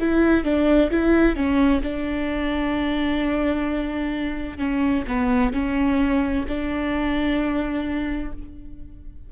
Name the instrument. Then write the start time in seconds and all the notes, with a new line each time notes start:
viola
0.00 E4
0.44 D4
0.91 E4
1.36 C#4
1.83 D4
4.58 C#4
5.08 B3
5.53 C#4
6.48 D4